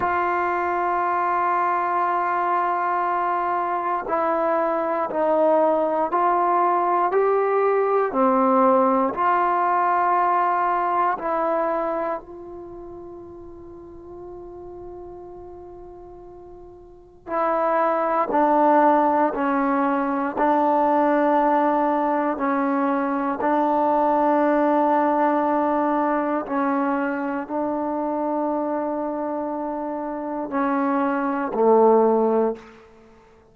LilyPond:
\new Staff \with { instrumentName = "trombone" } { \time 4/4 \tempo 4 = 59 f'1 | e'4 dis'4 f'4 g'4 | c'4 f'2 e'4 | f'1~ |
f'4 e'4 d'4 cis'4 | d'2 cis'4 d'4~ | d'2 cis'4 d'4~ | d'2 cis'4 a4 | }